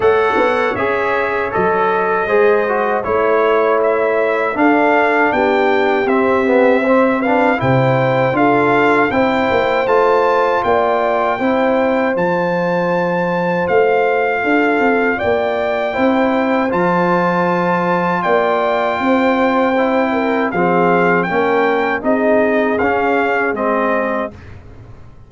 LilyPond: <<
  \new Staff \with { instrumentName = "trumpet" } { \time 4/4 \tempo 4 = 79 fis''4 e''4 dis''2 | cis''4 e''4 f''4 g''4 | e''4. f''8 g''4 f''4 | g''4 a''4 g''2 |
a''2 f''2 | g''2 a''2 | g''2. f''4 | g''4 dis''4 f''4 dis''4 | }
  \new Staff \with { instrumentName = "horn" } { \time 4/4 cis''2. c''4 | cis''2 a'4 g'4~ | g'4 c''8 b'8 c''4 a'4 | c''2 d''4 c''4~ |
c''2. a'4 | d''4 c''2. | d''4 c''4. ais'8 gis'4 | ais'4 gis'2. | }
  \new Staff \with { instrumentName = "trombone" } { \time 4/4 a'4 gis'4 a'4 gis'8 fis'8 | e'2 d'2 | c'8 b8 c'8 d'8 e'4 f'4 | e'4 f'2 e'4 |
f'1~ | f'4 e'4 f'2~ | f'2 e'4 c'4 | cis'4 dis'4 cis'4 c'4 | }
  \new Staff \with { instrumentName = "tuba" } { \time 4/4 a8 b8 cis'4 fis4 gis4 | a2 d'4 b4 | c'2 c4 d'4 | c'8 ais8 a4 ais4 c'4 |
f2 a4 d'8 c'8 | ais4 c'4 f2 | ais4 c'2 f4 | ais4 c'4 cis'4 gis4 | }
>>